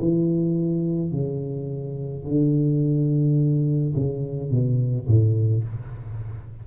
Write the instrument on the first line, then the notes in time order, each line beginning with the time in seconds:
tuba
0.00 E3
1.12 C#3
2.25 D3
3.96 C#3
4.51 B2
5.08 A2